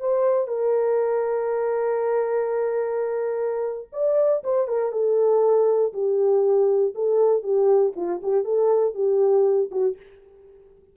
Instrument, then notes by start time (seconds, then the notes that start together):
horn
0.00 C5
0.48 A#4
3.93 D5
4.44 C5
4.68 A#4
4.92 A4
5.93 G4
6.95 A4
7.43 G4
7.96 F4
8.23 G4
8.45 A4
8.94 G4
9.71 F#4